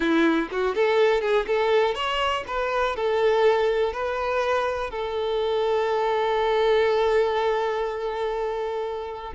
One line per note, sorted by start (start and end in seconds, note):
0.00 0.48 E4
0.51 0.75 F#4
0.75 1.21 A4
1.21 1.46 G#4
1.46 1.94 A4
1.94 2.43 C#5
2.47 2.96 B4
2.96 3.92 A4
3.92 4.90 B4
4.90 9.33 A4